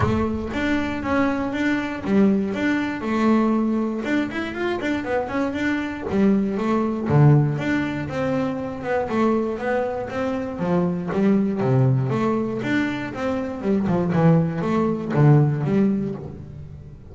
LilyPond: \new Staff \with { instrumentName = "double bass" } { \time 4/4 \tempo 4 = 119 a4 d'4 cis'4 d'4 | g4 d'4 a2 | d'8 e'8 f'8 d'8 b8 cis'8 d'4 | g4 a4 d4 d'4 |
c'4. b8 a4 b4 | c'4 f4 g4 c4 | a4 d'4 c'4 g8 f8 | e4 a4 d4 g4 | }